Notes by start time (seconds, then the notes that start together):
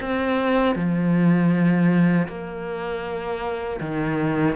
0.00 C4
0.75 F3
2.28 A#3
3.80 D#3